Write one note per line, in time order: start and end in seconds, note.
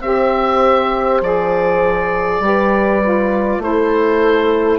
0.00 1.20 C4
0.00 1.23 G4
0.00 2.44 C5
0.00 1.21 E5
1.20 2.40 F3
1.20 2.42 G#4
1.20 3.62 D5
2.40 3.58 G3
2.40 3.02 G4
2.40 3.63 B4
3.02 3.62 F4
3.58 4.78 A3
3.58 4.79 E4
3.58 4.79 A4
3.58 4.79 C5